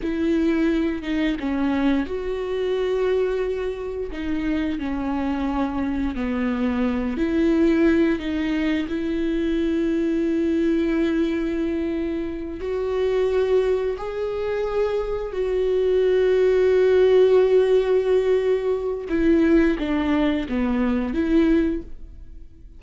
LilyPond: \new Staff \with { instrumentName = "viola" } { \time 4/4 \tempo 4 = 88 e'4. dis'8 cis'4 fis'4~ | fis'2 dis'4 cis'4~ | cis'4 b4. e'4. | dis'4 e'2.~ |
e'2~ e'8 fis'4.~ | fis'8 gis'2 fis'4.~ | fis'1 | e'4 d'4 b4 e'4 | }